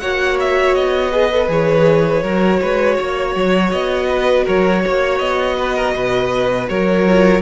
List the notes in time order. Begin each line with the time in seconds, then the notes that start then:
0.00 A#3 F#4 C#5 F#5
0.40 E5
0.75 B3 D#5
1.12 G#4 B4
1.31 A4
1.48 E3 G#4 C#5
2.23 F#3 F#4 A#4
2.61 G#3 B4
2.96 A#3 C#5
3.36 F#3
3.72 B3 D#5
4.10 B4
4.45 F#3 A#4 C#5
4.83 A#3 C#5
5.19 B3 D#5
5.58 B4
5.76 A#4
5.95 B2 B4
6.69 F#3 A#4 C#5
7.07 F4